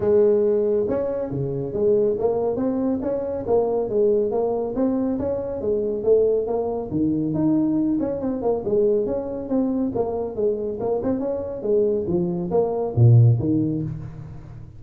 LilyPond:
\new Staff \with { instrumentName = "tuba" } { \time 4/4 \tempo 4 = 139 gis2 cis'4 cis4 | gis4 ais4 c'4 cis'4 | ais4 gis4 ais4 c'4 | cis'4 gis4 a4 ais4 |
dis4 dis'4. cis'8 c'8 ais8 | gis4 cis'4 c'4 ais4 | gis4 ais8 c'8 cis'4 gis4 | f4 ais4 ais,4 dis4 | }